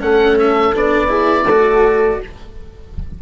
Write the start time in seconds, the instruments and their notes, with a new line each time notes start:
0.00 bassoon A3, cello C#4, horn A4, oboe F#5
0.39 oboe E5
0.74 bassoon B3, cello D4, oboe D5
1.08 cello E4, horn G#4
1.45 bassoon A3, cello F#4, horn A4